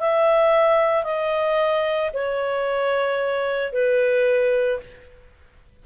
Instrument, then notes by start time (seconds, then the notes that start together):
clarinet
0.00 E5
1.03 D#5
2.13 C#5
3.72 B4